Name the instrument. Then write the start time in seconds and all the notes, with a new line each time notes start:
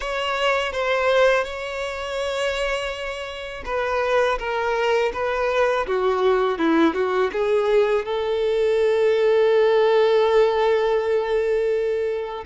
violin
0.00 C#5
0.72 C5
1.44 C#5
3.65 B4
4.38 A#4
5.13 B4
5.87 F#4
6.58 E4
6.94 F#4
7.32 G#4
8.05 A4